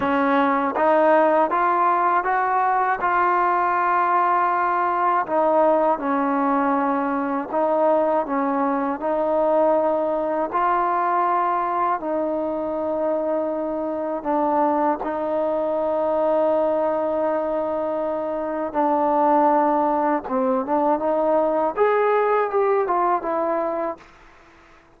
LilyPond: \new Staff \with { instrumentName = "trombone" } { \time 4/4 \tempo 4 = 80 cis'4 dis'4 f'4 fis'4 | f'2. dis'4 | cis'2 dis'4 cis'4 | dis'2 f'2 |
dis'2. d'4 | dis'1~ | dis'4 d'2 c'8 d'8 | dis'4 gis'4 g'8 f'8 e'4 | }